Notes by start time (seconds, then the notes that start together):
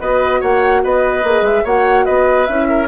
0.00 B3 F#4 B4 D#5
0.40 A#3 C#5 F#5
0.83 B3 B4 D#5
1.24 A#3 G#4
1.42 G#3 E5
1.64 A#3 F#4 C#5 F#5
2.05 B3 B4 D#5
2.46 C#4 E4 E5
2.69 A#4